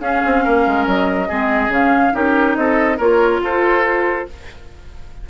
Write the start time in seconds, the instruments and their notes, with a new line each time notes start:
0.00 bassoon C#4, clarinet C#4, oboe G#4, flute F5
0.26 bassoon C4
0.45 bassoon A#3, oboe A#4
0.67 bassoon G#3
0.87 bassoon F#3, flute D#5
1.28 bassoon G#3, clarinet C4, oboe G#4
1.69 bassoon C#3, clarinet C#4, flute F5
2.13 bassoon C#4, clarinet D#4, oboe G4, flute A#4
2.56 bassoon C4, oboe A4, flute D#5
2.98 bassoon A#3, clarinet F4, oboe A#4, flute C#5
3.40 bassoon F4, oboe A4, flute C5